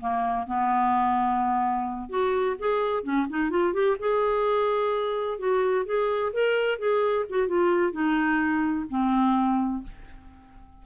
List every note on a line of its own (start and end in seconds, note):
0.00 0.46 A#3
0.46 2.09 B3
2.09 2.56 F#4
2.59 3.03 G#4
3.03 3.26 C#4
3.29 3.50 D#4
3.50 3.73 F4
3.73 3.97 G4
3.99 5.38 G#4
5.38 5.85 F#4
5.85 6.32 G#4
6.33 6.78 A#4
6.78 7.25 G#4
7.29 7.48 F#4
7.48 7.92 F4
7.92 8.86 D#4
8.90 9.83 C4